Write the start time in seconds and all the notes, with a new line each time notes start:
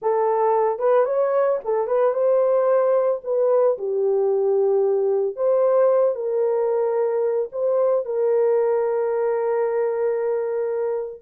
0.01 A4
0.78 B4
1.05 C#5
1.64 A4
1.87 B4
2.13 C5
3.24 B4
3.77 G4
5.36 C5
6.15 A#4
7.52 C5
8.05 A#4